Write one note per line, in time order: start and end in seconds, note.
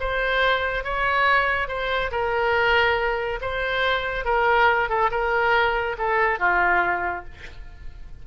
0.00 0.84 C5
0.84 1.68 C#5
1.68 2.11 C5
2.11 3.40 A#4
3.41 4.25 C5
4.25 4.89 A#4
4.89 5.11 A4
5.11 5.96 A#4
5.98 6.39 A4
6.39 7.25 F4